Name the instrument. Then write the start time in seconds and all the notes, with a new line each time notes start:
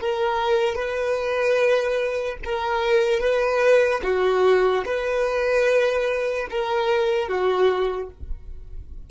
violin
0.00 A#4
0.75 B4
2.44 A#4
3.20 B4
4.03 F#4
4.85 B4
6.50 A#4
7.28 F#4